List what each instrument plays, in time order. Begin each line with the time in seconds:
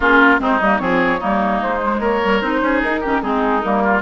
0.00 bassoon A#3, clarinet C#4, oboe F4, flute G#4
0.19 flute A#4
0.39 bassoon G#3, clarinet C4, oboe D#4, flute C5
0.60 bassoon G3, clarinet A#3, flute D#5
0.78 bassoon F3, clarinet C4, oboe G#4, flute C#5
1.20 bassoon G3, clarinet A#3, oboe D#4
1.62 bassoon G#3, flute C5
1.81 clarinet G#3
1.99 bassoon A#3, oboe A#4, flute C#5
2.22 clarinet G3
2.41 bassoon C4, clarinet D#4, flute C5
2.61 bassoon C#4, oboe G#4
2.82 bassoon D#4, flute A#4
3.01 bassoon D#3, clarinet C#4, oboe G4
3.22 bassoon G#3, clarinet C4, oboe D#4, flute G#4
3.61 bassoon G3, clarinet A#3, flute A#4
3.83 oboe F4